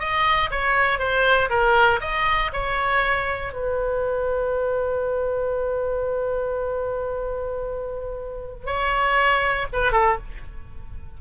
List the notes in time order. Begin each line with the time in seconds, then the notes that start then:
0.00 D#5
0.51 C#5
0.99 C5
1.50 A#4
2.01 D#5
2.53 C#5
3.53 B4
8.67 C#5
9.73 B4
9.92 A4